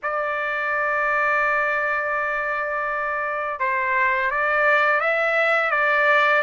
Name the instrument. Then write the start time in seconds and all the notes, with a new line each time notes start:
trumpet
0.02 D5
3.59 C5
4.30 D5
5.00 E5
5.70 D5